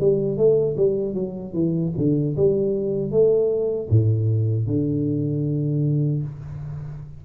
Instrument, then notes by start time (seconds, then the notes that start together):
tuba
0.00 G3
0.37 A3
0.77 G3
1.14 F#3
1.53 E3
1.97 D3
2.36 G3
3.11 A3
3.90 A2
4.67 D3